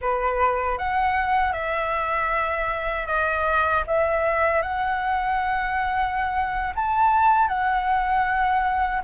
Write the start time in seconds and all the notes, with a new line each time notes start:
0.01 B4
0.78 F#5
1.52 E5
3.06 D#5
3.86 E5
4.62 F#5
6.75 A5
7.48 F#5